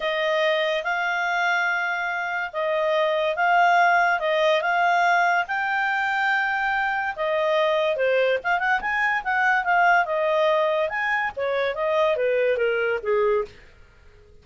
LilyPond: \new Staff \with { instrumentName = "clarinet" } { \time 4/4 \tempo 4 = 143 dis''2 f''2~ | f''2 dis''2 | f''2 dis''4 f''4~ | f''4 g''2.~ |
g''4 dis''2 c''4 | f''8 fis''8 gis''4 fis''4 f''4 | dis''2 gis''4 cis''4 | dis''4 b'4 ais'4 gis'4 | }